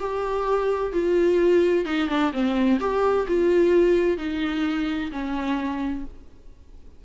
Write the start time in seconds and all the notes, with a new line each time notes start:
0.00 G4
0.93 F4
1.85 D#4
2.09 D4
2.33 C4
2.80 G4
3.28 F4
4.18 D#4
5.12 C#4